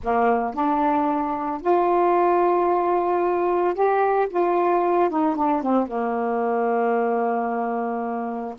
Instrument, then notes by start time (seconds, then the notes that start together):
saxophone
0.03 A#3
0.54 D4
1.61 F4
3.74 G4
4.30 F4
5.09 D#4
5.35 D4
5.62 C4
5.87 A#3